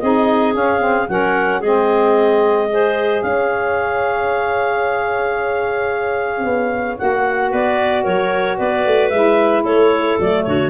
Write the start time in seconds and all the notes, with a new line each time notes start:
0.00 C4 D#4 G#4 D#5
0.53 C#4 F5
0.80 C4
1.09 F#3 C#4 A#4 F#5
1.60 G#3 C4 G#4 D#5
2.69 G#4 C5
3.22 C#4 C#5 F5
6.45 B3
6.97 A#3 F#4 F#5
7.50 B3 B4 D5
8.03 F#3 A#4 C#5
8.57 B3 B4 D5
8.86 A3
9.09 G#3 E4 E5
9.63 A3 A4 C#5
10.20 F#3 A3 D5
10.44 D3 F#4 C#5